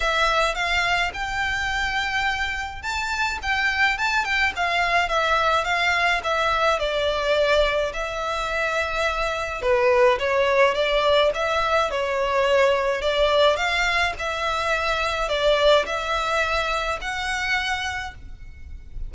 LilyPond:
\new Staff \with { instrumentName = "violin" } { \time 4/4 \tempo 4 = 106 e''4 f''4 g''2~ | g''4 a''4 g''4 a''8 g''8 | f''4 e''4 f''4 e''4 | d''2 e''2~ |
e''4 b'4 cis''4 d''4 | e''4 cis''2 d''4 | f''4 e''2 d''4 | e''2 fis''2 | }